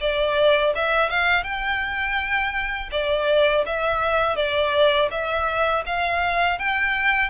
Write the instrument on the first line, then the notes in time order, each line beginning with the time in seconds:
violin
0.00 D5
0.75 E5
1.09 F5
1.43 G5
2.91 D5
3.66 E5
4.36 D5
5.11 E5
5.86 F5
6.59 G5